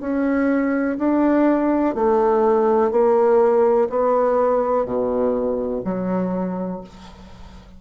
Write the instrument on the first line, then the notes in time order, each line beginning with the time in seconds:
bassoon
0.00 C#4
0.98 D4
1.94 A3
2.91 A#3
3.89 B3
4.85 B2
5.84 F#3